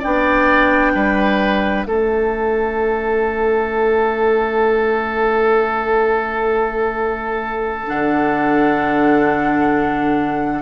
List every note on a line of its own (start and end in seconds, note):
0.00 0.95 B3
0.00 1.87 D4
0.00 0.92 D5
0.00 1.85 G5
0.95 1.86 G3
0.95 1.87 B4
1.85 7.86 A3
1.85 7.87 C#4
1.85 10.63 A4
1.85 7.85 E5
7.87 10.63 D3
7.87 10.63 D4
7.87 10.63 F#5